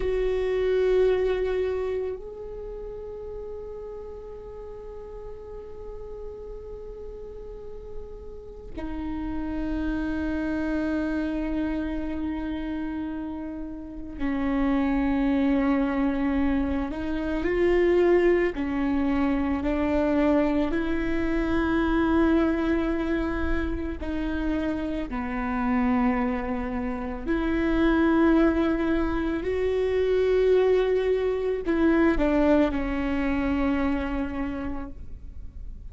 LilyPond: \new Staff \with { instrumentName = "viola" } { \time 4/4 \tempo 4 = 55 fis'2 gis'2~ | gis'1 | dis'1~ | dis'4 cis'2~ cis'8 dis'8 |
f'4 cis'4 d'4 e'4~ | e'2 dis'4 b4~ | b4 e'2 fis'4~ | fis'4 e'8 d'8 cis'2 | }